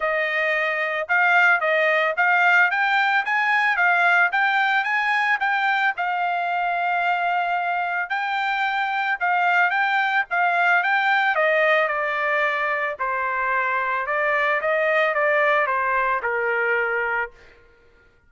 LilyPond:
\new Staff \with { instrumentName = "trumpet" } { \time 4/4 \tempo 4 = 111 dis''2 f''4 dis''4 | f''4 g''4 gis''4 f''4 | g''4 gis''4 g''4 f''4~ | f''2. g''4~ |
g''4 f''4 g''4 f''4 | g''4 dis''4 d''2 | c''2 d''4 dis''4 | d''4 c''4 ais'2 | }